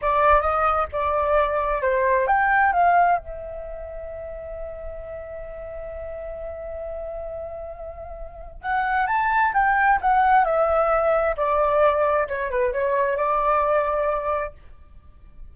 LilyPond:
\new Staff \with { instrumentName = "flute" } { \time 4/4 \tempo 4 = 132 d''4 dis''4 d''2 | c''4 g''4 f''4 e''4~ | e''1~ | e''1~ |
e''2. fis''4 | a''4 g''4 fis''4 e''4~ | e''4 d''2 cis''8 b'8 | cis''4 d''2. | }